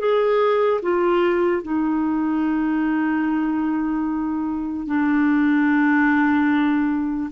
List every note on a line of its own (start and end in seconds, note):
0.00 0.81 G#4
0.83 1.63 F4
1.63 4.87 D#4
4.87 7.30 D4